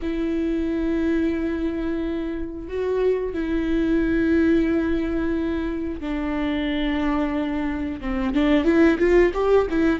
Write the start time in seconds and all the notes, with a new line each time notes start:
0.02 E4
2.68 F#4
3.33 E4
6.00 D4
8.01 C4
8.34 D4
8.64 E4
8.98 F4
9.34 G4
9.70 E4